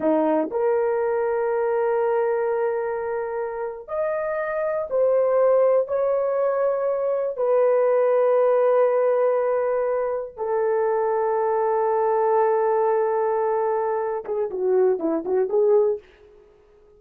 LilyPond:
\new Staff \with { instrumentName = "horn" } { \time 4/4 \tempo 4 = 120 dis'4 ais'2.~ | ais'2.~ ais'8. dis''16~ | dis''4.~ dis''16 c''2 cis''16~ | cis''2~ cis''8. b'4~ b'16~ |
b'1~ | b'8. a'2.~ a'16~ | a'1~ | a'8 gis'8 fis'4 e'8 fis'8 gis'4 | }